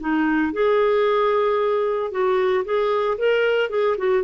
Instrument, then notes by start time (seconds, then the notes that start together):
clarinet
0.00 D#4
0.53 G#4
2.11 F#4
2.65 G#4
3.18 A#4
3.70 G#4
3.98 F#4